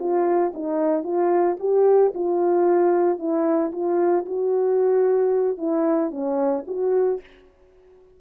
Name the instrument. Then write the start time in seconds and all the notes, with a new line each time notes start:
horn
0.00 F4
0.55 D#4
1.04 F4
1.60 G4
2.15 F4
3.19 E4
3.73 F4
4.26 F#4
5.58 E4
6.11 C#4
6.68 F#4